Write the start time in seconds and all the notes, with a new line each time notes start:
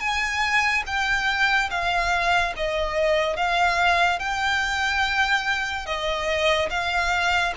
0.00 G#5
0.86 G5
1.70 F5
2.56 D#5
3.36 F5
4.19 G5
5.86 D#5
6.70 F5